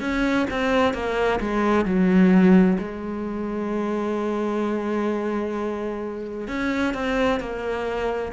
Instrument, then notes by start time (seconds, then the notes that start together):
cello
0.00 C#4
0.50 C4
0.93 A#3
1.40 G#3
1.85 F#3
2.78 G#3
6.47 C#4
6.94 C4
7.40 A#3